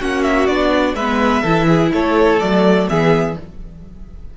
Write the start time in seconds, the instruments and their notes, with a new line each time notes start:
0.00 cello A#3, viola C#4, violin F#4 F#5
0.23 violin E5
0.47 cello B3, viola D4, violin D5
0.94 cello G#3, viola B3, violin B4 E5
1.43 cello E3, viola E4, violin A4
1.68 violin G#4
1.93 cello A3, violin A4 C#5
2.40 cello F#3, viola A3, violin D5
2.88 cello E3, viola B3, violin G#4 E5